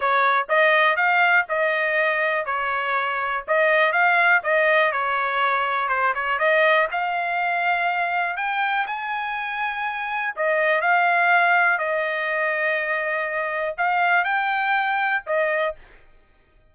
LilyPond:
\new Staff \with { instrumentName = "trumpet" } { \time 4/4 \tempo 4 = 122 cis''4 dis''4 f''4 dis''4~ | dis''4 cis''2 dis''4 | f''4 dis''4 cis''2 | c''8 cis''8 dis''4 f''2~ |
f''4 g''4 gis''2~ | gis''4 dis''4 f''2 | dis''1 | f''4 g''2 dis''4 | }